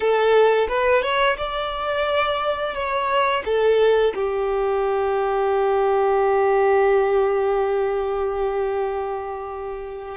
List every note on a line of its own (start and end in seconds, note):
0.00 0.67 A4
0.68 1.02 B4
1.02 1.36 C#5
1.37 2.74 D5
2.74 3.43 C#5
3.45 4.14 A4
4.14 10.17 G4